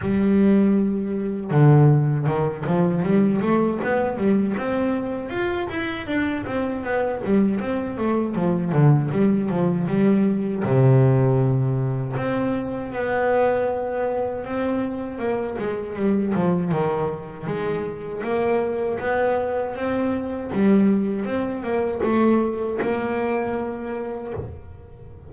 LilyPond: \new Staff \with { instrumentName = "double bass" } { \time 4/4 \tempo 4 = 79 g2 d4 dis8 f8 | g8 a8 b8 g8 c'4 f'8 e'8 | d'8 c'8 b8 g8 c'8 a8 f8 d8 | g8 f8 g4 c2 |
c'4 b2 c'4 | ais8 gis8 g8 f8 dis4 gis4 | ais4 b4 c'4 g4 | c'8 ais8 a4 ais2 | }